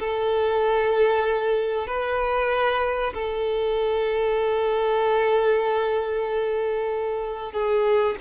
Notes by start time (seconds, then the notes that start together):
0.00 A4
1.87 B4
3.14 A4
7.52 G#4